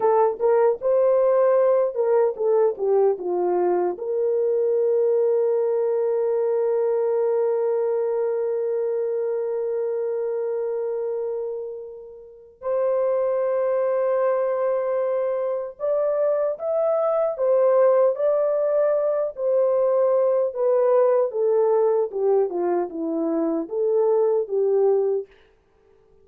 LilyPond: \new Staff \with { instrumentName = "horn" } { \time 4/4 \tempo 4 = 76 a'8 ais'8 c''4. ais'8 a'8 g'8 | f'4 ais'2.~ | ais'1~ | ais'1 |
c''1 | d''4 e''4 c''4 d''4~ | d''8 c''4. b'4 a'4 | g'8 f'8 e'4 a'4 g'4 | }